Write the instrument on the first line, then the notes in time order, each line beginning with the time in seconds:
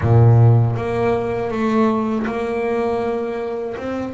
double bass
0.01 A#2
0.76 A#3
1.51 A3
2.26 A#3
3.77 C4